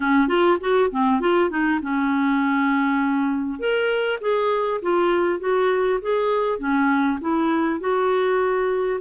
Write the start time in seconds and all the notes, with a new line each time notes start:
0.00 C#4
0.28 F4
0.60 F#4
0.90 C4
1.20 F4
1.49 D#4
1.82 C#4
3.59 A#4
4.20 G#4
4.82 F4
5.39 F#4
6.01 G#4
6.58 C#4
7.21 E4
7.79 F#4